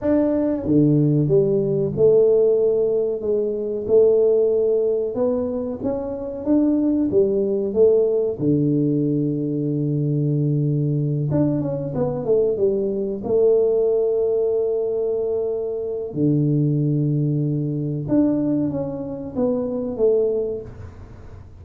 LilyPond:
\new Staff \with { instrumentName = "tuba" } { \time 4/4 \tempo 4 = 93 d'4 d4 g4 a4~ | a4 gis4 a2 | b4 cis'4 d'4 g4 | a4 d2.~ |
d4. d'8 cis'8 b8 a8 g8~ | g8 a2.~ a8~ | a4 d2. | d'4 cis'4 b4 a4 | }